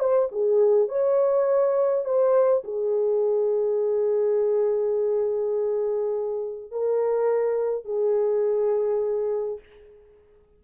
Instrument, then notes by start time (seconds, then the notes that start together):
horn
0.00 C5
0.32 G#4
0.89 C#5
2.05 C5
2.65 G#4
6.72 A#4
7.85 G#4